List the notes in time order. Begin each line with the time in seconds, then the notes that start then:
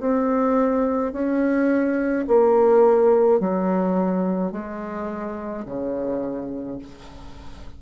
0.00 C4
1.12 C#4
2.27 A#3
3.40 F#3
4.51 G#3
5.65 C#3